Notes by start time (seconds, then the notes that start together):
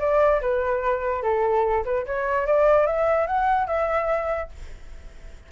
0.00 D5
0.42 B4
1.23 A4
1.85 B4
2.06 C#5
2.47 D5
2.87 E5
3.27 F#5
3.67 E5